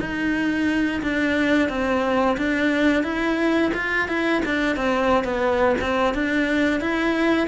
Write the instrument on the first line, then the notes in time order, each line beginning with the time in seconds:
cello
0.00 D#4
1.03 D4
1.69 C4
2.38 D4
3.04 E4
3.75 F4
4.09 E4
4.46 D4
4.76 C4
5.25 B3
5.81 C4
6.15 D4
6.81 E4